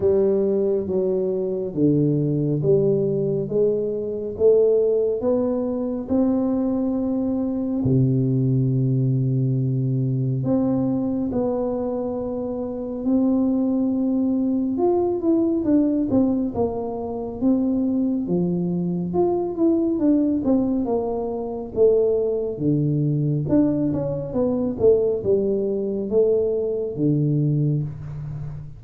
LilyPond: \new Staff \with { instrumentName = "tuba" } { \time 4/4 \tempo 4 = 69 g4 fis4 d4 g4 | gis4 a4 b4 c'4~ | c'4 c2. | c'4 b2 c'4~ |
c'4 f'8 e'8 d'8 c'8 ais4 | c'4 f4 f'8 e'8 d'8 c'8 | ais4 a4 d4 d'8 cis'8 | b8 a8 g4 a4 d4 | }